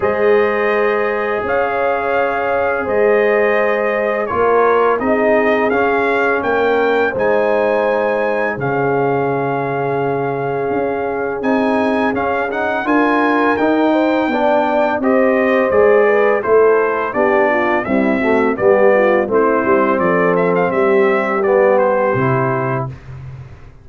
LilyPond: <<
  \new Staff \with { instrumentName = "trumpet" } { \time 4/4 \tempo 4 = 84 dis''2 f''2 | dis''2 cis''4 dis''4 | f''4 g''4 gis''2 | f''1 |
gis''4 f''8 fis''8 gis''4 g''4~ | g''4 dis''4 d''4 c''4 | d''4 e''4 d''4 c''4 | d''8 e''16 f''16 e''4 d''8 c''4. | }
  \new Staff \with { instrumentName = "horn" } { \time 4/4 c''2 cis''2 | c''2 ais'4 gis'4~ | gis'4 ais'4 c''2 | gis'1~ |
gis'2 ais'4. c''8 | d''4 c''4. b'8 a'4 | g'8 f'8 e'8 fis'8 g'8 f'8 e'4 | a'4 g'2. | }
  \new Staff \with { instrumentName = "trombone" } { \time 4/4 gis'1~ | gis'2 f'4 dis'4 | cis'2 dis'2 | cis'1 |
dis'4 cis'8 dis'8 f'4 dis'4 | d'4 g'4 gis'4 e'4 | d'4 g8 a8 b4 c'4~ | c'2 b4 e'4 | }
  \new Staff \with { instrumentName = "tuba" } { \time 4/4 gis2 cis'2 | gis2 ais4 c'4 | cis'4 ais4 gis2 | cis2. cis'4 |
c'4 cis'4 d'4 dis'4 | b4 c'4 gis4 a4 | b4 c'4 g4 a8 g8 | f4 g2 c4 | }
>>